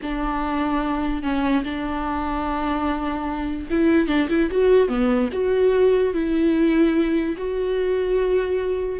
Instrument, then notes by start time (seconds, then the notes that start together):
viola
0.02 D4
1.22 C#4
1.64 D4
3.70 E4
4.07 D4
4.29 E4
4.51 F#4
4.88 B3
5.32 F#4
6.13 E4
7.37 F#4